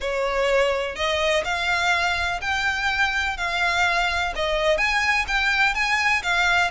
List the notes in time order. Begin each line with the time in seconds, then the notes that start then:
0.00 C#5
0.95 D#5
1.44 F5
2.41 G5
3.37 F5
4.35 D#5
4.77 G#5
5.27 G5
5.74 G#5
6.22 F5